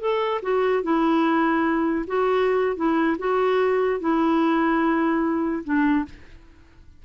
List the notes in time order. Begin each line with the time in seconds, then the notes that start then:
0.00 A4
0.42 F#4
0.83 E4
2.06 F#4
2.76 E4
3.18 F#4
4.00 E4
5.64 D4